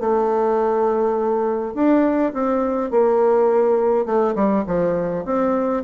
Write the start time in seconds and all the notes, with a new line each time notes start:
0.00 A3
1.74 D4
2.33 C4
2.91 A#3
4.06 A3
4.35 G3
4.67 F3
5.25 C4